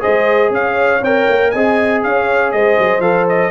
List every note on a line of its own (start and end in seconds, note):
0.00 1.00 G#4
0.00 0.51 C5
0.00 0.52 D#5
0.07 0.50 G#3
0.50 1.00 C#4
0.50 1.51 C#5
0.50 1.04 F5
1.01 1.26 C4
1.01 1.55 A#4
1.01 1.51 G5
1.29 1.54 A#3
1.51 2.04 C4
1.51 3.01 G#4
1.51 2.01 D#5
1.51 2.01 G#5
2.03 2.53 C#4
2.03 2.55 C#5
2.03 2.52 F5
2.52 2.78 G#3
2.52 3.51 C5
2.52 3.01 D#5
2.78 2.99 F#3
2.99 3.49 F3
2.99 3.51 A4
2.99 3.26 F5
3.29 3.51 D#5